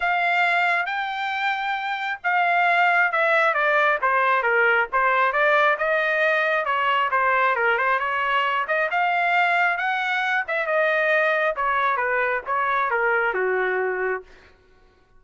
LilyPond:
\new Staff \with { instrumentName = "trumpet" } { \time 4/4 \tempo 4 = 135 f''2 g''2~ | g''4 f''2 e''4 | d''4 c''4 ais'4 c''4 | d''4 dis''2 cis''4 |
c''4 ais'8 c''8 cis''4. dis''8 | f''2 fis''4. e''8 | dis''2 cis''4 b'4 | cis''4 ais'4 fis'2 | }